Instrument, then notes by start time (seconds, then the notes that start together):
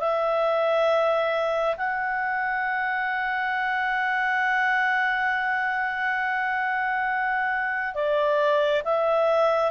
clarinet
0.00 E5
1.77 F#5
7.95 D5
8.85 E5